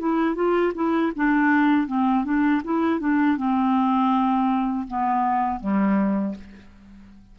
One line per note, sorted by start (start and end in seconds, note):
0.00 0.35 E4
0.35 0.73 F4
0.75 1.12 E4
1.16 1.88 D4
1.88 2.25 C4
2.25 2.62 D4
2.65 3.00 E4
3.00 3.38 D4
3.38 4.88 C4
4.88 5.60 B3
5.60 6.35 G3